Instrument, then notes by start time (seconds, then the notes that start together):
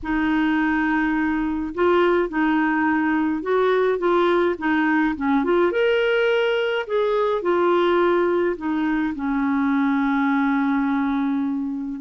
clarinet
0.02 D#4
1.74 F4
2.28 D#4
3.42 F#4
3.98 F4
4.58 D#4
5.16 C#4
5.43 F4
5.71 A#4
6.86 G#4
7.41 F4
8.57 D#4
9.15 C#4